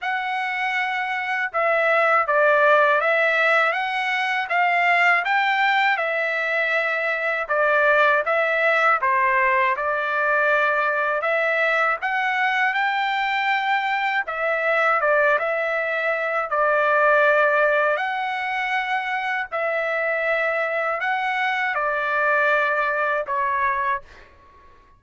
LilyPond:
\new Staff \with { instrumentName = "trumpet" } { \time 4/4 \tempo 4 = 80 fis''2 e''4 d''4 | e''4 fis''4 f''4 g''4 | e''2 d''4 e''4 | c''4 d''2 e''4 |
fis''4 g''2 e''4 | d''8 e''4. d''2 | fis''2 e''2 | fis''4 d''2 cis''4 | }